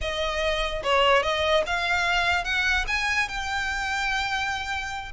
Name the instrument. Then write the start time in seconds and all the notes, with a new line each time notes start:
violin
0.01 D#5
0.83 C#5
1.22 D#5
1.66 F5
2.44 F#5
2.87 G#5
3.28 G5